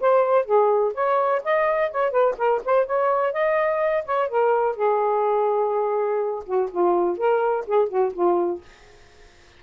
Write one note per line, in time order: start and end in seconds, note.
0.00 0.45 C5
0.45 0.93 G#4
0.94 1.42 C#5
1.44 1.91 D#5
1.91 2.11 C#5
2.11 2.35 B4
2.37 2.61 A#4
2.64 2.86 C5
2.86 3.33 C#5
3.33 4.05 D#5
4.05 4.29 C#5
4.29 4.76 A#4
4.76 6.44 G#4
6.45 6.69 F#4
6.71 7.17 F4
7.17 7.65 A#4
7.66 7.89 G#4
7.89 8.13 F#4
8.13 8.61 F4